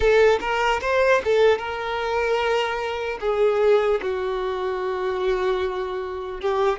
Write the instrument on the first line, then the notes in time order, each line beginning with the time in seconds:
violin
0.00 A4
0.40 A#4
0.81 C5
1.24 A4
1.58 A#4
3.20 G#4
4.01 F#4
6.40 G4